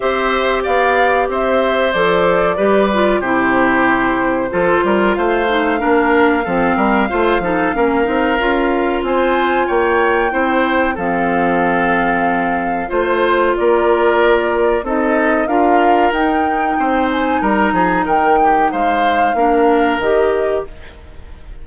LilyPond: <<
  \new Staff \with { instrumentName = "flute" } { \time 4/4 \tempo 4 = 93 e''4 f''4 e''4 d''4~ | d''4 c''2. | f''1~ | f''2 gis''4 g''4~ |
g''4 f''2. | c''4 d''2 dis''4 | f''4 g''4. gis''8 ais''4 | g''4 f''2 dis''4 | }
  \new Staff \with { instrumentName = "oboe" } { \time 4/4 c''4 d''4 c''2 | b'4 g'2 a'8 ais'8 | c''4 ais'4 a'8 ais'8 c''8 a'8 | ais'2 c''4 cis''4 |
c''4 a'2. | c''4 ais'2 a'4 | ais'2 c''4 ais'8 gis'8 | ais'8 g'8 c''4 ais'2 | }
  \new Staff \with { instrumentName = "clarinet" } { \time 4/4 g'2. a'4 | g'8 f'8 e'2 f'4~ | f'8 dis'8 d'4 c'4 f'8 dis'8 | cis'8 dis'8 f'2. |
e'4 c'2. | f'2. dis'4 | f'4 dis'2.~ | dis'2 d'4 g'4 | }
  \new Staff \with { instrumentName = "bassoon" } { \time 4/4 c'4 b4 c'4 f4 | g4 c2 f8 g8 | a4 ais4 f8 g8 a8 f8 | ais8 c'8 cis'4 c'4 ais4 |
c'4 f2. | a4 ais2 c'4 | d'4 dis'4 c'4 g8 f8 | dis4 gis4 ais4 dis4 | }
>>